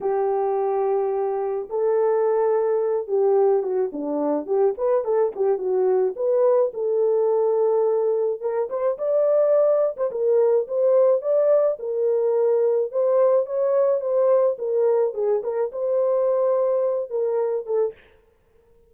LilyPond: \new Staff \with { instrumentName = "horn" } { \time 4/4 \tempo 4 = 107 g'2. a'4~ | a'4. g'4 fis'8 d'4 | g'8 b'8 a'8 g'8 fis'4 b'4 | a'2. ais'8 c''8 |
d''4.~ d''16 c''16 ais'4 c''4 | d''4 ais'2 c''4 | cis''4 c''4 ais'4 gis'8 ais'8 | c''2~ c''8 ais'4 a'8 | }